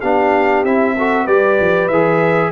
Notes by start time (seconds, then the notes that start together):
0.00 B3 D4 G4 F5
0.64 C4 E4 E5
0.98 F#4 A4
1.24 G3 G4 B4 D5
1.60 F3
1.88 E3 G#4 E5